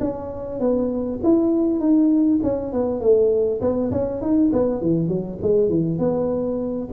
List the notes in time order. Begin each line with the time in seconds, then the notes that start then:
0.00 C#4
0.60 B3
1.23 E4
1.80 D#4
2.43 C#4
2.72 B3
3.01 A3
3.61 B3
3.91 C#4
4.21 D#4
4.53 B3
4.81 E3
5.08 F#3
5.42 G#3
5.69 E3
5.99 B3